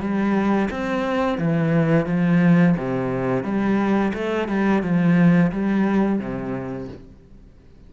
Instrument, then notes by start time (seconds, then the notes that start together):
cello
0.00 G3
0.71 C4
1.38 E3
2.06 F3
2.77 C3
3.43 G3
4.13 A3
4.48 G3
4.82 F3
5.51 G3
6.19 C3